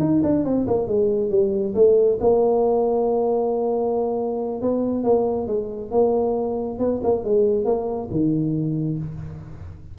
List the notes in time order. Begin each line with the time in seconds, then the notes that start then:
0.00 D#4
0.23 D4
0.45 C4
0.67 A#3
0.88 G#3
1.31 G3
1.75 A3
2.21 A#3
4.62 B3
5.04 A#3
5.47 G#3
5.91 A#3
6.79 B3
7.03 A#3
7.24 G#3
7.65 A#3
8.11 D#3